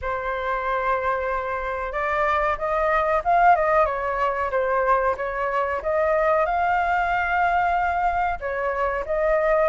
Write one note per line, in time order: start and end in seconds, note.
0.01 1.92 C5
1.92 2.57 D5
2.57 3.22 D#5
3.24 3.55 F5
3.55 3.85 D#5
3.85 4.50 C#5
4.50 5.15 C5
5.16 5.81 C#5
5.82 6.45 D#5
6.45 8.39 F5
8.40 9.04 C#5
9.05 9.69 D#5